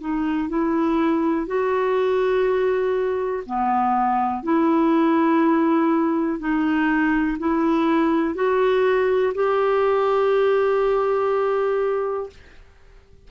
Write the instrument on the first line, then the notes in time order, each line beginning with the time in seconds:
clarinet
0.00 D#4
0.49 E4
1.47 F#4
3.46 B3
4.43 E4
6.39 D#4
7.39 E4
8.34 F#4
9.34 G4